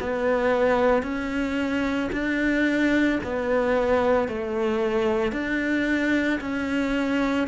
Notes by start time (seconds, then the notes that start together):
0.00 B3
1.03 C#4
2.12 D4
3.23 B3
4.28 A3
5.32 D4
6.40 C#4